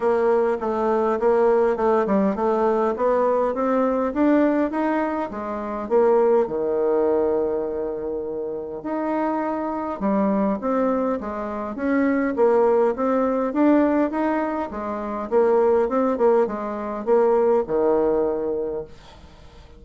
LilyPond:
\new Staff \with { instrumentName = "bassoon" } { \time 4/4 \tempo 4 = 102 ais4 a4 ais4 a8 g8 | a4 b4 c'4 d'4 | dis'4 gis4 ais4 dis4~ | dis2. dis'4~ |
dis'4 g4 c'4 gis4 | cis'4 ais4 c'4 d'4 | dis'4 gis4 ais4 c'8 ais8 | gis4 ais4 dis2 | }